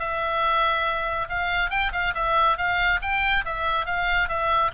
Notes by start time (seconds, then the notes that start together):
0.00 E5
1.29 F5
1.71 G5
1.93 F5
2.15 E5
2.58 F5
3.02 G5
3.45 E5
3.86 F5
4.29 E5